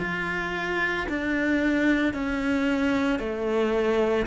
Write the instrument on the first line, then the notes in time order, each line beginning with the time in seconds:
cello
0.00 F4
1.09 D4
2.14 C#4
3.19 A3